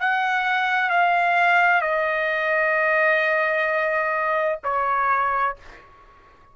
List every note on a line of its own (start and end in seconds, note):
0.00 0.90 F#5
0.90 1.82 F5
1.82 4.59 D#5
4.64 5.56 C#5